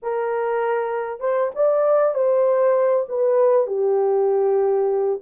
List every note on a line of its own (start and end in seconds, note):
0.02 1.20 A#4
1.20 1.50 C5
1.55 2.14 D5
2.14 3.06 C5
3.08 3.67 B4
3.67 5.20 G4